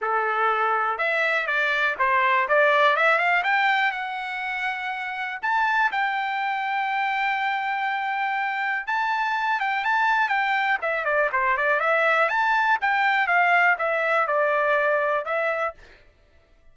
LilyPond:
\new Staff \with { instrumentName = "trumpet" } { \time 4/4 \tempo 4 = 122 a'2 e''4 d''4 | c''4 d''4 e''8 f''8 g''4 | fis''2. a''4 | g''1~ |
g''2 a''4. g''8 | a''4 g''4 e''8 d''8 c''8 d''8 | e''4 a''4 g''4 f''4 | e''4 d''2 e''4 | }